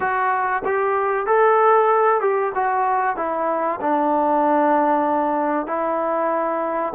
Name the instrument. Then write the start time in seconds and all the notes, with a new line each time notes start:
trombone
0.00 F#4
0.64 G4
1.26 A4
2.20 G4
2.54 F#4
3.16 E4
3.80 D4
5.66 E4